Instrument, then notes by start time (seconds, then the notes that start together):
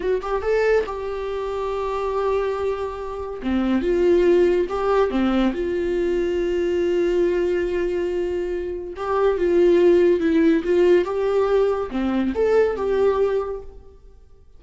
viola
0.00 F#4
0.21 G4
0.41 A4
0.85 G4
3.42 C4
3.81 F4
4.69 G4
5.10 C4
5.53 F4
8.96 G4
9.37 F4
10.20 E4
10.64 F4
11.04 G4
11.90 C4
12.34 A4
12.76 G4